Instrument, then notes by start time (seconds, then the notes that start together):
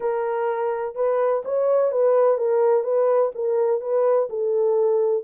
horn
0.00 A#4
0.95 B4
1.45 C#5
1.91 B4
2.37 A#4
2.83 B4
3.34 A#4
3.80 B4
4.29 A4